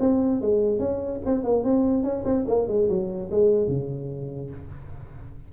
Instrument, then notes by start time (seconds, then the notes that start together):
tuba
0.00 C4
0.42 G#3
0.79 C#4
1.26 C4
1.44 A#3
1.64 C4
2.04 C#4
2.25 C4
2.47 A#3
2.68 G#3
2.89 F#3
3.31 G#3
3.68 C#3